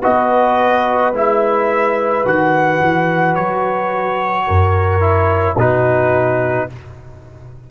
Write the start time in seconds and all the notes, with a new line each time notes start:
0.00 B3 F#4 B4 D#5
1.12 G#3 E4 E5
2.24 D#3 F#4 F#5
2.82 E3
3.35 F#3 C#5
4.47 F#2 A#4
5.00 E4
5.56 B2 D#4 F#4 B4